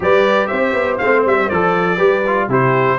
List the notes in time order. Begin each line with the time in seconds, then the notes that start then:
0.00 G3 G4 B4 D5
0.47 C4 C5 E5
0.73 B3
0.97 A3 C4 F5
1.25 G3 E5
1.49 F3 A4 D5
1.96 G3 G4 B4
2.27 F4
2.48 C3 E4 G4 C5